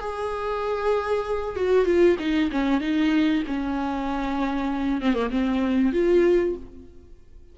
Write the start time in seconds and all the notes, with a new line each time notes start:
0.00 G#4
1.56 F#4
1.85 F4
2.19 D#4
2.51 C#4
2.80 D#4
3.47 C#4
5.01 C4
5.14 A#3
5.30 C4
5.93 F4